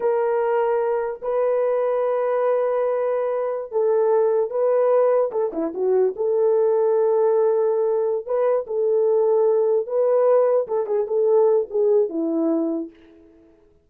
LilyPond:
\new Staff \with { instrumentName = "horn" } { \time 4/4 \tempo 4 = 149 ais'2. b'4~ | b'1~ | b'4~ b'16 a'2 b'8.~ | b'4~ b'16 a'8 e'8 fis'4 a'8.~ |
a'1~ | a'8 b'4 a'2~ a'8~ | a'8 b'2 a'8 gis'8 a'8~ | a'4 gis'4 e'2 | }